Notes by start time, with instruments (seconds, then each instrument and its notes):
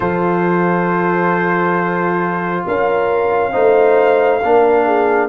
0.00 tuba F3, trombone F4, horn A4, trumpet C5
2.66 tuba C#4, horn A#4, trumpet F5
3.51 tuba A3, trombone D#4, horn C5
4.42 tuba A#3, trombone D4, horn A#4
4.85 horn G#4